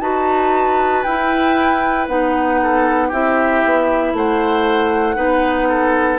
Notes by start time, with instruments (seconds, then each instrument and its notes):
0.00 bassoon D#4, clarinet F#4, oboe B4, flute A5
1.03 bassoon E4, clarinet E4, flute G5
2.08 bassoon B3, clarinet D#4, flute F#5
2.62 oboe A4
3.08 bassoon C4, clarinet E4, oboe G4, flute E5
3.64 bassoon B3
4.13 bassoon A3, oboe C5, flute F#5
5.15 bassoon B3, clarinet D#4, oboe B4
5.69 oboe A4